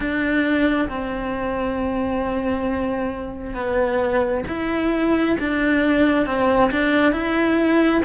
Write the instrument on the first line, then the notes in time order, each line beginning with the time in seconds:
cello
0.00 D4
0.88 C4
3.54 B3
4.47 E4
5.39 D4
6.26 C4
6.71 D4
7.12 E4